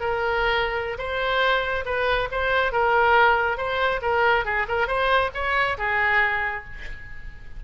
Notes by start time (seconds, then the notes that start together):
0.00 A#4
0.98 C5
1.85 B4
2.31 C5
2.72 A#4
3.57 C5
4.02 A#4
4.45 G#4
4.68 A#4
4.87 C5
5.34 C#5
5.78 G#4